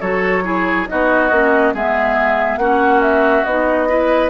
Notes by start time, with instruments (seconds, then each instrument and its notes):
0.00 bassoon F#3, clarinet F#4, oboe A4, flute C#5
0.43 clarinet E4, oboe G#4
0.87 bassoon B3, clarinet D#4, oboe F#4, flute D#5
1.31 bassoon A#3, clarinet C#4
1.73 bassoon G#3, clarinet B3, oboe G#4, flute E5
2.57 bassoon A#3, clarinet C#4, oboe F#4, flute F#5
3.01 flute E5
3.44 bassoon B3, clarinet D#4, flute D#5
3.88 clarinet E4, oboe B4